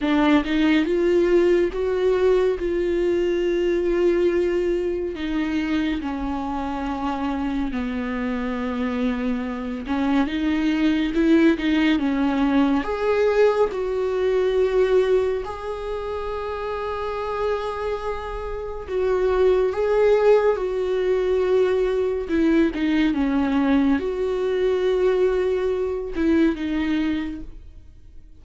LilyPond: \new Staff \with { instrumentName = "viola" } { \time 4/4 \tempo 4 = 70 d'8 dis'8 f'4 fis'4 f'4~ | f'2 dis'4 cis'4~ | cis'4 b2~ b8 cis'8 | dis'4 e'8 dis'8 cis'4 gis'4 |
fis'2 gis'2~ | gis'2 fis'4 gis'4 | fis'2 e'8 dis'8 cis'4 | fis'2~ fis'8 e'8 dis'4 | }